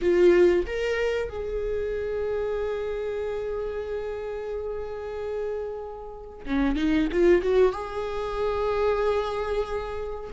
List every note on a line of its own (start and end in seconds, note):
0.01 0.66 F4
0.66 1.29 A#4
1.29 6.45 G#4
6.45 6.76 C#4
6.76 7.08 D#4
7.11 7.42 F4
7.42 7.72 F#4
7.72 10.30 G#4